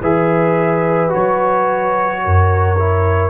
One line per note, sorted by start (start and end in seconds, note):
0.00 1.12 E3
0.00 1.09 G#4
0.00 2.22 B4
0.00 1.13 E5
1.09 2.76 F#4
1.09 3.30 C#5
1.16 2.25 F#3
2.24 3.30 F#2
2.24 3.30 A#4
2.78 3.30 E4